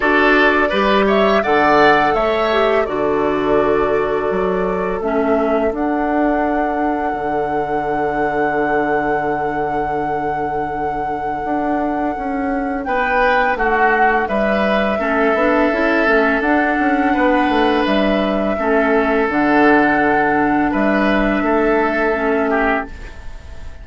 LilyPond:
<<
  \new Staff \with { instrumentName = "flute" } { \time 4/4 \tempo 4 = 84 d''4. e''8 fis''4 e''4 | d''2. e''4 | fis''1~ | fis''1~ |
fis''2 g''4 fis''4 | e''2. fis''4~ | fis''4 e''2 fis''4~ | fis''4 e''2. | }
  \new Staff \with { instrumentName = "oboe" } { \time 4/4 a'4 b'8 cis''8 d''4 cis''4 | a'1~ | a'1~ | a'1~ |
a'2 b'4 fis'4 | b'4 a'2. | b'2 a'2~ | a'4 b'4 a'4. g'8 | }
  \new Staff \with { instrumentName = "clarinet" } { \time 4/4 fis'4 g'4 a'4. g'8 | fis'2. cis'4 | d'1~ | d'1~ |
d'1~ | d'4 cis'8 d'8 e'8 cis'8 d'4~ | d'2 cis'4 d'4~ | d'2. cis'4 | }
  \new Staff \with { instrumentName = "bassoon" } { \time 4/4 d'4 g4 d4 a4 | d2 fis4 a4 | d'2 d2~ | d1 |
d'4 cis'4 b4 a4 | g4 a8 b8 cis'8 a8 d'8 cis'8 | b8 a8 g4 a4 d4~ | d4 g4 a2 | }
>>